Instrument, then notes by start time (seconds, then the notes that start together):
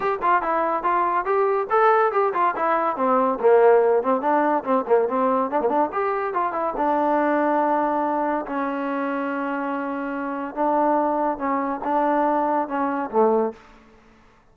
trombone
0.00 G4
0.22 F4
0.42 E4
0.83 F4
1.25 G4
1.70 A4
2.12 G4
2.33 F4
2.55 E4
2.96 C4
3.40 A#3
4.02 C4
4.21 D4
4.63 C4
4.87 A#3
5.08 C4
5.50 D4
5.60 A#3
5.68 D4
5.92 G4
6.33 F4
6.52 E4
6.76 D4
8.45 C#4
10.54 D4
11.38 C#4
11.83 D4
12.67 C#4
13.10 A3